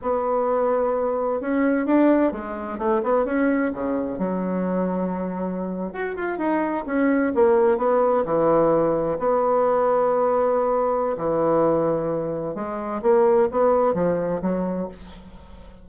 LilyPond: \new Staff \with { instrumentName = "bassoon" } { \time 4/4 \tempo 4 = 129 b2. cis'4 | d'4 gis4 a8 b8 cis'4 | cis4 fis2.~ | fis8. fis'8 f'8 dis'4 cis'4 ais16~ |
ais8. b4 e2 b16~ | b1 | e2. gis4 | ais4 b4 f4 fis4 | }